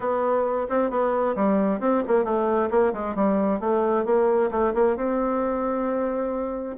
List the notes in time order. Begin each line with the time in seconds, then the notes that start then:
0.00 B3
0.69 C4
0.90 B3
1.35 G3
1.80 C4
2.07 A#3
2.24 A3
2.70 A#3
2.93 G#3
3.15 G3
3.59 A3
4.05 A#3
4.51 A3
4.74 A#3
4.96 C4